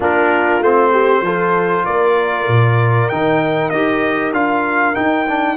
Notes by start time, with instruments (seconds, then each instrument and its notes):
0.00 tuba A#3, trombone D4, horn F4, trumpet A#4
0.60 tuba A3, trombone C4, trumpet C5
0.91 horn G4
1.21 tuba F3, trombone F4, horn A4
1.85 tuba A#3, horn A#4, trumpet D5
2.47 tuba A#2
3.08 tuba D#3, trombone D#4, trumpet G5
3.69 tuba D#4, trombone G4, trumpet D#5
4.32 tuba D4, trombone F4, trumpet F5
4.95 trombone D#4, tuba D#4, trumpet G5
5.28 trombone D4